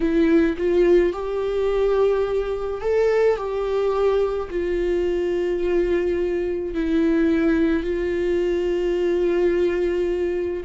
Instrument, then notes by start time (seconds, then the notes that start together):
viola
0.00 E4
0.57 F4
1.12 G4
2.81 A4
3.36 G4
4.50 F4
6.74 E4
7.83 F4